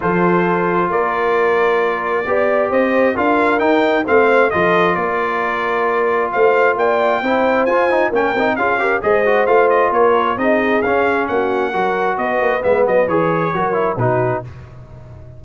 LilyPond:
<<
  \new Staff \with { instrumentName = "trumpet" } { \time 4/4 \tempo 4 = 133 c''2 d''2~ | d''2 dis''4 f''4 | g''4 f''4 dis''4 d''4~ | d''2 f''4 g''4~ |
g''4 gis''4 g''4 f''4 | dis''4 f''8 dis''8 cis''4 dis''4 | f''4 fis''2 dis''4 | e''8 dis''8 cis''2 b'4 | }
  \new Staff \with { instrumentName = "horn" } { \time 4/4 a'2 ais'2~ | ais'4 d''4 c''4 ais'4~ | ais'4 c''4 a'4 ais'4~ | ais'2 c''4 d''4 |
c''2 ais'4 gis'8 ais'8 | c''2 ais'4 gis'4~ | gis'4 fis'4 ais'4 b'4~ | b'2 ais'4 fis'4 | }
  \new Staff \with { instrumentName = "trombone" } { \time 4/4 f'1~ | f'4 g'2 f'4 | dis'4 c'4 f'2~ | f'1 |
e'4 f'8 dis'8 cis'8 dis'8 f'8 g'8 | gis'8 fis'8 f'2 dis'4 | cis'2 fis'2 | b4 gis'4 fis'8 e'8 dis'4 | }
  \new Staff \with { instrumentName = "tuba" } { \time 4/4 f2 ais2~ | ais4 b4 c'4 d'4 | dis'4 a4 f4 ais4~ | ais2 a4 ais4 |
c'4 f'4 ais8 c'8 cis'4 | gis4 a4 ais4 c'4 | cis'4 ais4 fis4 b8 ais8 | gis8 fis8 e4 fis4 b,4 | }
>>